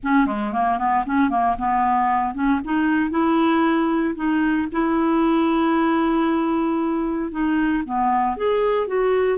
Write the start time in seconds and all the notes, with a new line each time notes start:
0.03 C#4
0.26 G#3
0.52 A#3
0.78 B3
1.06 C#4
1.30 A#3
1.58 B3
2.34 C#4
2.64 D#4
3.10 E4
4.15 D#4
4.72 E4
7.31 D#4
7.84 B3
8.36 G#4
8.87 F#4